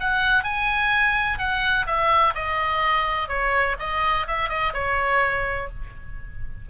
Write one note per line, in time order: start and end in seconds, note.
0.00 0.44 F#5
0.44 1.38 G#5
1.38 1.86 F#5
1.87 2.34 E5
2.35 3.29 D#5
3.29 3.76 C#5
3.79 4.27 D#5
4.27 4.49 E5
4.49 4.73 D#5
4.74 5.69 C#5